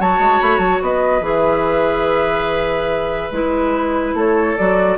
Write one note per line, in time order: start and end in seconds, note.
0.00 0.20 F#3
0.00 1.22 F#4
0.00 0.84 C#5
0.00 0.42 A5
0.20 0.40 G#3
0.42 0.59 A3
0.42 0.58 B5
0.58 0.80 F#3
0.58 0.79 A5
0.82 1.21 B3
0.82 4.16 B4
0.82 1.25 D#5
1.21 3.29 E3
1.21 3.30 G#4
1.21 3.34 E5
3.32 4.14 G#3
3.32 4.58 E4
3.32 4.17 B4
4.14 4.56 A3
4.14 4.99 A4
4.14 4.57 C#5
4.57 4.99 F#3
4.57 4.99 F#4
4.57 4.99 D5